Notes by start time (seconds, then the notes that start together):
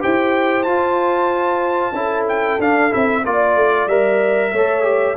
0.00 E4 G4 C5 G5
0.63 F4 A5
1.92 C#4 E4 A4
2.28 G5
2.59 D4 F5
2.90 C4 E4 E5
3.25 A#3 F4 D5
3.55 A3
3.87 G3 A#4 E5
4.52 A3 A4 C#5
4.82 G4